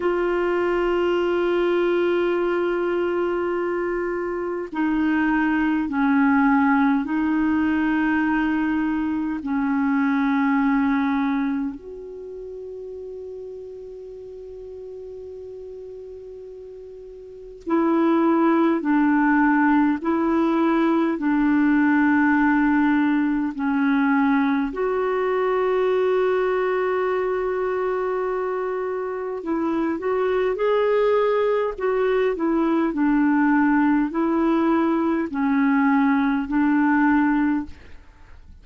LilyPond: \new Staff \with { instrumentName = "clarinet" } { \time 4/4 \tempo 4 = 51 f'1 | dis'4 cis'4 dis'2 | cis'2 fis'2~ | fis'2. e'4 |
d'4 e'4 d'2 | cis'4 fis'2.~ | fis'4 e'8 fis'8 gis'4 fis'8 e'8 | d'4 e'4 cis'4 d'4 | }